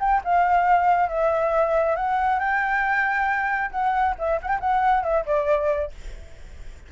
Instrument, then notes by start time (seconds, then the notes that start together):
flute
0.00 G5
0.25 F5
1.09 E5
1.96 F#5
2.40 G5
3.71 F#5
4.19 E5
4.42 F#5
4.48 G5
4.61 F#5
5.03 E5
5.26 D5